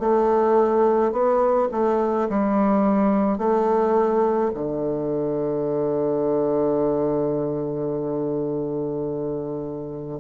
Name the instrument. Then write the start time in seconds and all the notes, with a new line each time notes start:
bassoon
0.00 A3
1.12 B3
1.72 A3
2.30 G3
3.39 A3
4.54 D3